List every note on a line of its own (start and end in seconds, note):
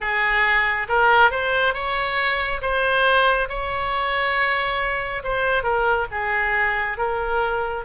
0.00 0.87 G#4
0.88 1.30 A#4
1.30 1.74 C5
1.74 2.61 C#5
2.61 3.48 C5
3.49 5.23 C#5
5.23 5.63 C5
5.63 6.06 A#4
6.11 6.97 G#4
6.97 7.84 A#4